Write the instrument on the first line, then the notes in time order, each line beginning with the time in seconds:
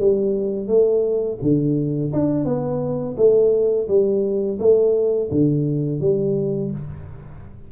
tuba
0.00 G3
0.68 A3
1.42 D3
2.13 D4
2.45 B3
3.17 A3
3.88 G3
4.59 A3
5.31 D3
6.01 G3